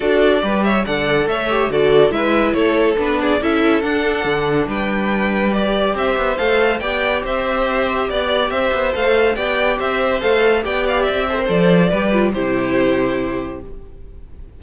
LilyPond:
<<
  \new Staff \with { instrumentName = "violin" } { \time 4/4 \tempo 4 = 141 d''4. e''8 fis''4 e''4 | d''4 e''4 cis''4 b'8 d''8 | e''4 fis''2 g''4~ | g''4 d''4 e''4 f''4 |
g''4 e''2 d''4 | e''4 f''4 g''4 e''4 | f''4 g''8 f''8 e''4 d''4~ | d''4 c''2. | }
  \new Staff \with { instrumentName = "violin" } { \time 4/4 a'4 b'8 cis''8 d''4 cis''4 | a'4 b'4 a'4. gis'8 | a'2. b'4~ | b'2 c''2 |
d''4 c''2 d''4 | c''2 d''4 c''4~ | c''4 d''4. c''4. | b'4 g'2. | }
  \new Staff \with { instrumentName = "viola" } { \time 4/4 fis'4 g'4 a'4. g'8 | fis'4 e'2 d'4 | e'4 d'2.~ | d'4 g'2 a'4 |
g'1~ | g'4 a'4 g'2 | a'4 g'4. a'16 ais'16 a'4 | g'8 f'8 e'2. | }
  \new Staff \with { instrumentName = "cello" } { \time 4/4 d'4 g4 d4 a4 | d4 gis4 a4 b4 | cis'4 d'4 d4 g4~ | g2 c'8 b8 a4 |
b4 c'2 b4 | c'8 b8 a4 b4 c'4 | a4 b4 c'4 f4 | g4 c2. | }
>>